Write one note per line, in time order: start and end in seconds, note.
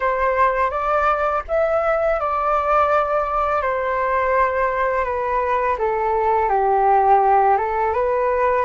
0.00 0.70 C5
0.70 1.42 D5
1.48 2.19 E5
2.19 3.62 D5
3.62 5.04 C5
5.04 5.76 B4
5.78 6.49 A4
6.49 7.57 G4
7.57 7.93 A4
7.93 8.65 B4